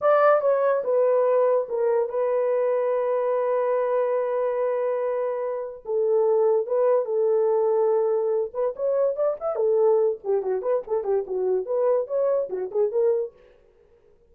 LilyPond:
\new Staff \with { instrumentName = "horn" } { \time 4/4 \tempo 4 = 144 d''4 cis''4 b'2 | ais'4 b'2.~ | b'1~ | b'2 a'2 |
b'4 a'2.~ | a'8 b'8 cis''4 d''8 e''8 a'4~ | a'8 g'8 fis'8 b'8 a'8 g'8 fis'4 | b'4 cis''4 fis'8 gis'8 ais'4 | }